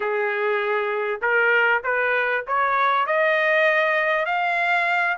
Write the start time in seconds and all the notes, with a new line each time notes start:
0.00 G#4
1.21 A#4
1.83 B4
2.47 C#5
3.06 D#5
4.25 F5